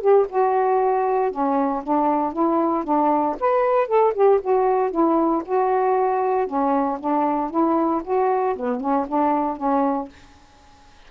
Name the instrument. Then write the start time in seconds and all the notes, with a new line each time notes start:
saxophone
0.00 G4
0.29 F#4
1.31 C#4
1.83 D4
2.33 E4
2.84 D4
3.40 B4
3.87 A4
4.14 G4
4.41 F#4
4.91 E4
5.45 F#4
6.47 C#4
6.99 D4
7.50 E4
8.04 F#4
8.56 B3
8.80 C#4
9.08 D4
9.56 C#4